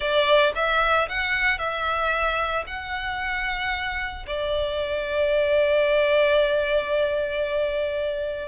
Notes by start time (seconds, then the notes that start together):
0.00 D5
0.55 E5
1.08 F#5
1.58 E5
2.66 F#5
4.26 D5